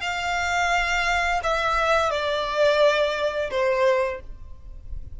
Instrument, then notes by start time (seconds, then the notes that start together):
violin
0.00 F5
1.43 E5
2.10 D5
3.50 C5